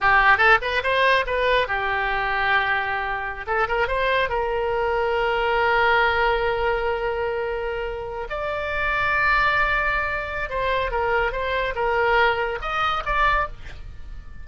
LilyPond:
\new Staff \with { instrumentName = "oboe" } { \time 4/4 \tempo 4 = 143 g'4 a'8 b'8 c''4 b'4 | g'1~ | g'16 a'8 ais'8 c''4 ais'4.~ ais'16~ | ais'1~ |
ais'2.~ ais'8. d''16~ | d''1~ | d''4 c''4 ais'4 c''4 | ais'2 dis''4 d''4 | }